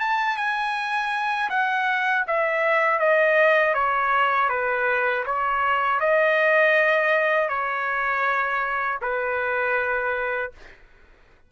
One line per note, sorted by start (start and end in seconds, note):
0.00 0.36 A5
0.36 1.49 G#5
1.50 2.25 F#5
2.27 2.99 E5
2.99 3.74 D#5
3.74 4.49 C#5
4.49 5.24 B4
5.26 6.00 C#5
6.00 7.49 D#5
7.49 8.99 C#5
9.02 10.52 B4